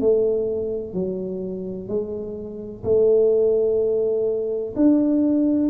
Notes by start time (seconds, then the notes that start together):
0.00 A3
0.94 F#3
1.88 G#3
2.84 A3
4.76 D4